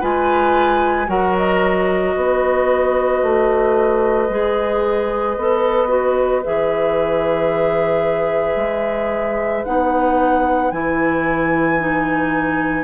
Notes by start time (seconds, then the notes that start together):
0.00 G#3 F4 B4 G#5
1.06 F#3 F#4 A#4 F#5
1.37 D#5
2.16 B3 B4
3.22 A3
4.29 G#3 G#4
5.36 B3 A4
5.88 F#4
6.44 E3 G#4 E5
8.56 G#3
9.64 B3 D#4 F#5
10.71 E3 E4 G#5
11.79 D#4